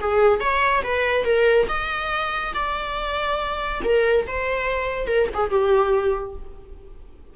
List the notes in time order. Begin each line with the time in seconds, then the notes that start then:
0.00 G#4
0.40 C#5
0.84 B4
1.25 A#4
1.68 D#5
2.54 D5
3.84 A#4
4.27 C5
5.07 A#4
5.34 G#4
5.50 G4